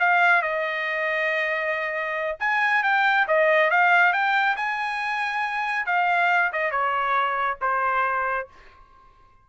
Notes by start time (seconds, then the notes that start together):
0.00 F5
0.42 D#5
2.40 G#5
2.84 G5
3.28 D#5
3.71 F5
4.13 G5
4.57 G#5
5.87 F5
6.53 D#5
6.72 C#5
7.61 C5